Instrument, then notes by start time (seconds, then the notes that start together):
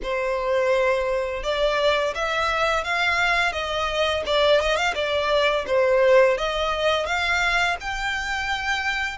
violin
0.02 C5
1.43 D5
2.14 E5
2.84 F5
3.52 D#5
4.26 D5
4.61 D#5
4.76 F5
4.94 D5
5.67 C5
6.37 D#5
7.06 F5
7.80 G5